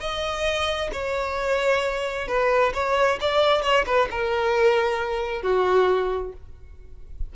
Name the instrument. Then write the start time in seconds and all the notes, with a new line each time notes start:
violin
0.00 D#5
0.92 C#5
2.28 B4
2.74 C#5
3.21 D5
3.62 C#5
3.86 B4
4.11 A#4
5.42 F#4